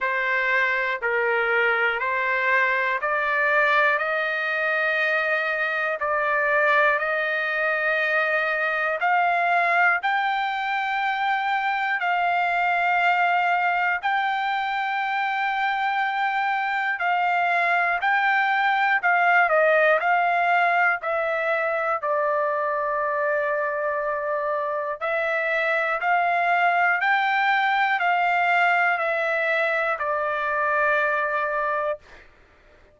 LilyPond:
\new Staff \with { instrumentName = "trumpet" } { \time 4/4 \tempo 4 = 60 c''4 ais'4 c''4 d''4 | dis''2 d''4 dis''4~ | dis''4 f''4 g''2 | f''2 g''2~ |
g''4 f''4 g''4 f''8 dis''8 | f''4 e''4 d''2~ | d''4 e''4 f''4 g''4 | f''4 e''4 d''2 | }